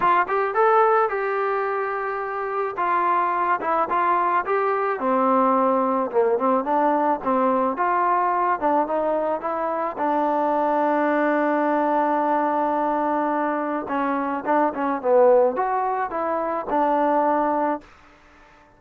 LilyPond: \new Staff \with { instrumentName = "trombone" } { \time 4/4 \tempo 4 = 108 f'8 g'8 a'4 g'2~ | g'4 f'4. e'8 f'4 | g'4 c'2 ais8 c'8 | d'4 c'4 f'4. d'8 |
dis'4 e'4 d'2~ | d'1~ | d'4 cis'4 d'8 cis'8 b4 | fis'4 e'4 d'2 | }